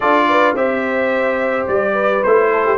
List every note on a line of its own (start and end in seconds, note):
0.00 0.54 D4
0.00 0.56 F4
0.00 0.28 A4
0.00 0.55 D5
0.28 0.56 B4
0.54 1.65 C4
0.54 2.22 G4
0.54 1.93 C5
0.54 1.67 E5
1.67 2.23 G3
1.67 2.23 D5
1.93 2.48 B4
2.23 2.77 A3
2.23 2.77 E4
2.23 2.77 C5
2.52 2.65 A4
2.65 2.77 G4